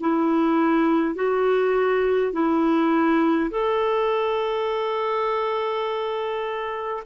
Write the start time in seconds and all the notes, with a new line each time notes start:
0.00 E4
1.15 F#4
2.32 E4
3.50 A4